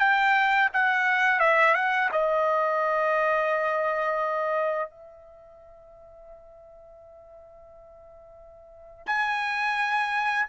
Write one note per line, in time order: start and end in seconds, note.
0.00 0.70 G5
0.73 1.40 F#5
1.40 1.75 E5
1.75 2.10 F#5
2.12 4.90 D#5
4.90 9.07 E5
9.07 10.46 G#5